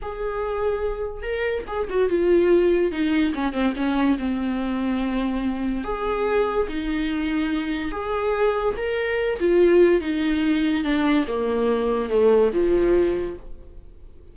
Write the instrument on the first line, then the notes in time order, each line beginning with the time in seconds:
viola
0.02 G#4
1.22 A#4
1.67 G#4
1.89 F#4
2.09 F4
2.91 D#4
3.34 C#4
3.52 C4
3.76 C#4
4.18 C4
5.84 G#4
6.68 D#4
7.91 G#4
8.76 A#4
9.39 F4
10.00 D#4
10.83 D4
11.27 A#3
12.09 A3
12.53 F3